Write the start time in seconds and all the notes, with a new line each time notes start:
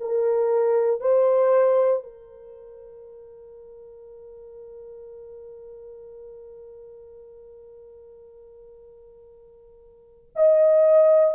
0.00 A#4
1.01 C5
2.03 A#4
10.35 D#5